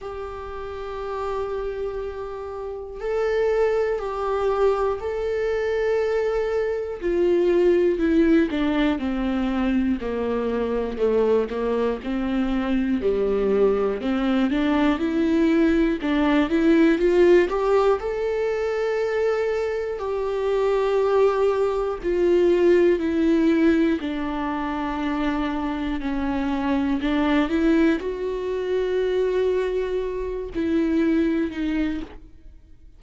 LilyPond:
\new Staff \with { instrumentName = "viola" } { \time 4/4 \tempo 4 = 60 g'2. a'4 | g'4 a'2 f'4 | e'8 d'8 c'4 ais4 a8 ais8 | c'4 g4 c'8 d'8 e'4 |
d'8 e'8 f'8 g'8 a'2 | g'2 f'4 e'4 | d'2 cis'4 d'8 e'8 | fis'2~ fis'8 e'4 dis'8 | }